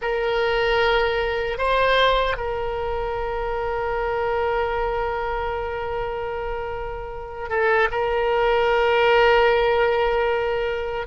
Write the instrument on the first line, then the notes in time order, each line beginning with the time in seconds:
oboe
0.01 A#4
1.58 C5
2.36 A#4
7.49 A4
7.91 A#4